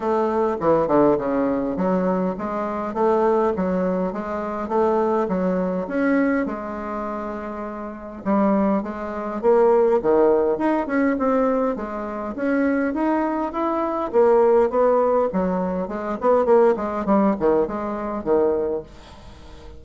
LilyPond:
\new Staff \with { instrumentName = "bassoon" } { \time 4/4 \tempo 4 = 102 a4 e8 d8 cis4 fis4 | gis4 a4 fis4 gis4 | a4 fis4 cis'4 gis4~ | gis2 g4 gis4 |
ais4 dis4 dis'8 cis'8 c'4 | gis4 cis'4 dis'4 e'4 | ais4 b4 fis4 gis8 b8 | ais8 gis8 g8 dis8 gis4 dis4 | }